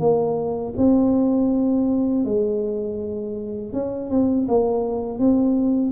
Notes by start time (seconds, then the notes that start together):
0.00 A#3
0.77 C4
2.25 G#3
3.73 C#4
4.10 C4
4.48 A#3
5.19 C4